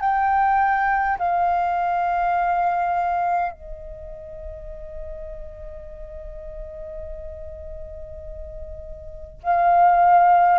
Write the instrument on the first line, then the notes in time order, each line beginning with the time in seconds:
flute
0.00 G5
1.18 F5
3.52 D#5
9.43 F5